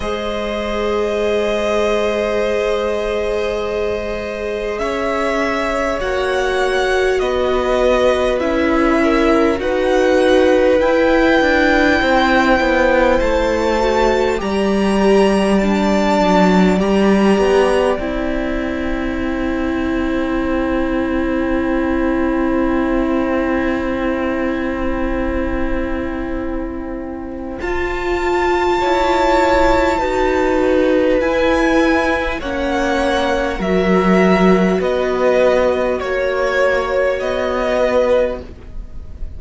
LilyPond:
<<
  \new Staff \with { instrumentName = "violin" } { \time 4/4 \tempo 4 = 50 dis''1 | e''4 fis''4 dis''4 e''4 | fis''4 g''2 a''4 | ais''4 a''4 ais''4 g''4~ |
g''1~ | g''2. a''4~ | a''2 gis''4 fis''4 | e''4 dis''4 cis''4 dis''4 | }
  \new Staff \with { instrumentName = "violin" } { \time 4/4 c''1 | cis''2 b'4. ais'8 | b'2 c''2 | d''1 |
c''1~ | c''1 | cis''4 b'2 cis''4 | ais'4 b'4 cis''4. b'8 | }
  \new Staff \with { instrumentName = "viola" } { \time 4/4 gis'1~ | gis'4 fis'2 e'4 | fis'4 e'2~ e'8 fis'8 | g'4 d'4 g'4 e'4~ |
e'1~ | e'2. f'4~ | f'4 fis'4 e'4 cis'4 | fis'1 | }
  \new Staff \with { instrumentName = "cello" } { \time 4/4 gis1 | cis'4 ais4 b4 cis'4 | dis'4 e'8 d'8 c'8 b8 a4 | g4. fis8 g8 b8 c'4~ |
c'1~ | c'2. f'4 | e'4 dis'4 e'4 ais4 | fis4 b4 ais4 b4 | }
>>